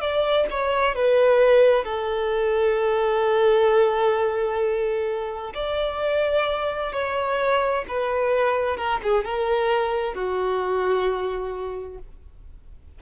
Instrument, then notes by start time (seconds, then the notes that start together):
violin
0.00 D5
0.50 C#5
0.95 B4
1.84 A4
5.54 D5
6.92 C#5
7.88 B4
8.77 A#4
9.03 G#4
9.24 A#4
10.14 F#4